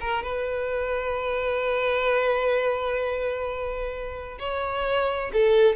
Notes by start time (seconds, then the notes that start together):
0.00 A#4
0.23 B4
4.39 C#5
5.33 A4